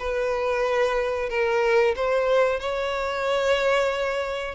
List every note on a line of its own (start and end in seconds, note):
0.00 1.30 B4
1.30 1.95 A#4
1.96 2.60 C5
2.60 4.55 C#5